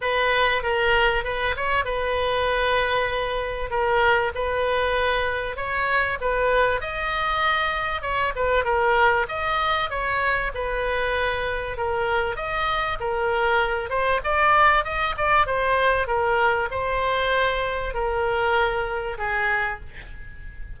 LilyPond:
\new Staff \with { instrumentName = "oboe" } { \time 4/4 \tempo 4 = 97 b'4 ais'4 b'8 cis''8 b'4~ | b'2 ais'4 b'4~ | b'4 cis''4 b'4 dis''4~ | dis''4 cis''8 b'8 ais'4 dis''4 |
cis''4 b'2 ais'4 | dis''4 ais'4. c''8 d''4 | dis''8 d''8 c''4 ais'4 c''4~ | c''4 ais'2 gis'4 | }